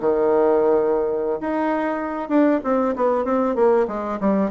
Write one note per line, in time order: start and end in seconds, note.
0.00 1.39 D#3
1.40 2.29 D#4
2.29 2.60 D4
2.63 2.94 C4
2.95 3.24 B3
3.24 3.55 C4
3.55 3.86 A#3
3.88 4.19 G#3
4.20 4.50 G3